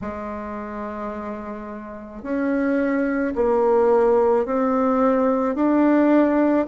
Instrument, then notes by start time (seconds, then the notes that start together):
bassoon
0.01 G#3
2.22 C#4
3.35 A#3
4.45 C4
5.55 D4